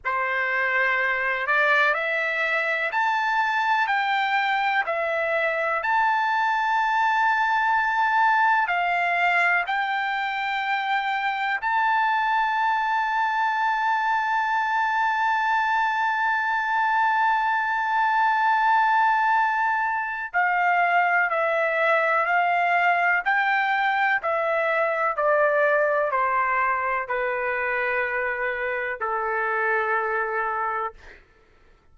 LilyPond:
\new Staff \with { instrumentName = "trumpet" } { \time 4/4 \tempo 4 = 62 c''4. d''8 e''4 a''4 | g''4 e''4 a''2~ | a''4 f''4 g''2 | a''1~ |
a''1~ | a''4 f''4 e''4 f''4 | g''4 e''4 d''4 c''4 | b'2 a'2 | }